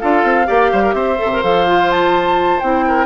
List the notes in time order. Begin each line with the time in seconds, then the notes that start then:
0.00 D4 F4 A4 F5
0.24 C4
0.46 A#3 G4 D5
0.73 G3 C5
0.83 A#4
0.94 C4 C5 E5
1.18 C3 A4
1.33 A#4
1.43 F3 A4 F5
1.68 F4
1.91 A5
2.61 C4 E4 G5
2.88 A#4